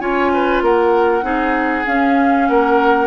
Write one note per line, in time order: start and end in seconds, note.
0.00 0.62 C#4
0.00 1.23 F4
0.00 0.32 C#5
0.00 0.62 G#5
0.34 0.64 B4
0.62 1.23 A#3
0.62 1.25 A#4
0.62 1.87 F#5
1.23 1.85 C4
1.23 1.85 D#4
1.23 2.49 G#4
1.86 3.08 C#4
1.86 2.49 C#4
1.86 2.49 F5
2.49 3.08 A#3
2.49 3.08 A#4
2.49 3.08 F#5